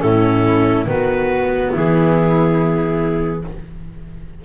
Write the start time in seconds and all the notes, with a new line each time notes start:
0.00 A2 C#4 E4 A4
0.85 D#3 B3 F#4 B4
1.72 E3 E4 G#4